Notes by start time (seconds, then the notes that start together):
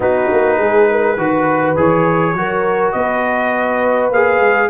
0.00 B3 D#4 F#4 B4
0.31 A#3
0.57 G#3 G#4
0.90 A#4
1.16 D#3 F#4 B4
1.76 E3 G#4 C#5
2.34 F#3 F#4 A#4
2.92 B3 B4 D#5
4.10 A#3 G#4 F5
4.39 G#3